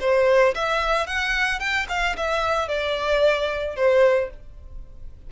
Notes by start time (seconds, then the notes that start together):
0.00 C5
0.55 E5
1.07 F#5
1.59 G5
1.89 F5
2.16 E5
2.68 D5
3.76 C5